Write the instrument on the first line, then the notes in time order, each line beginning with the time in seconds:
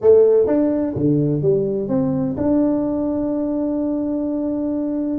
tuba
0.01 A3
0.46 D4
0.95 D3
1.42 G3
1.88 C4
2.37 D4